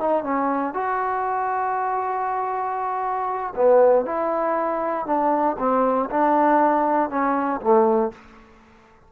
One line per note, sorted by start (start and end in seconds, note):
0.00 0.23 D#4
0.23 0.74 C#4
0.74 3.53 F#4
3.55 4.05 B3
4.05 5.06 E4
5.06 5.57 D4
5.59 6.09 C4
6.10 7.10 D4
7.10 7.60 C#4
7.61 8.12 A3